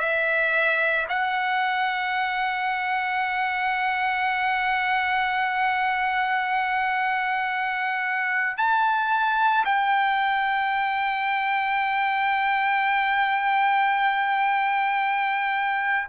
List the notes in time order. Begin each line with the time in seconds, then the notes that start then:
0.00 E5
1.10 F#5
8.58 A5
9.65 G5